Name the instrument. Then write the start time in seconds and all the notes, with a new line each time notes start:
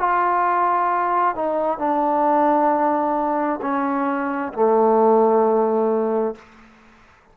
trombone
0.00 F4
1.36 D#4
1.79 D4
3.62 C#4
4.54 A3